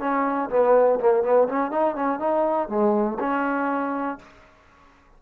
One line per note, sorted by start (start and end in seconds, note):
0.00 0.50 C#4
0.50 0.99 B3
1.00 1.23 A#3
1.23 1.48 B3
1.49 1.71 C#4
1.71 1.95 D#4
1.95 2.20 C#4
2.20 2.69 D#4
2.69 3.18 G#3
3.19 4.19 C#4